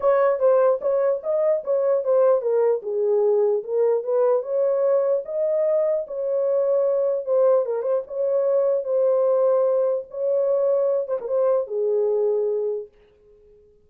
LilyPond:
\new Staff \with { instrumentName = "horn" } { \time 4/4 \tempo 4 = 149 cis''4 c''4 cis''4 dis''4 | cis''4 c''4 ais'4 gis'4~ | gis'4 ais'4 b'4 cis''4~ | cis''4 dis''2 cis''4~ |
cis''2 c''4 ais'8 c''8 | cis''2 c''2~ | c''4 cis''2~ cis''8 c''16 ais'16 | c''4 gis'2. | }